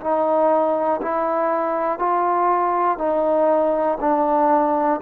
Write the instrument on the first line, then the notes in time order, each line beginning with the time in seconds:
trombone
0.00 D#4
1.01 E4
1.99 F4
2.98 D#4
4.00 D4